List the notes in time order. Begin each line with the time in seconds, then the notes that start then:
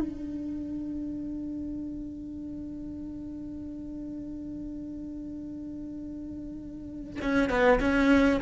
0.00 D4
7.22 C#4
7.50 B3
7.81 C#4